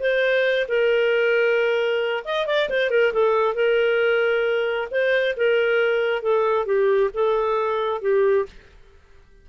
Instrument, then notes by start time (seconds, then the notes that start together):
clarinet
0.00 C5
0.68 A#4
2.24 D#5
2.47 D5
2.69 C5
2.90 A#4
3.13 A4
3.55 A#4
4.91 C5
5.37 A#4
6.22 A4
6.66 G4
7.14 A4
8.02 G4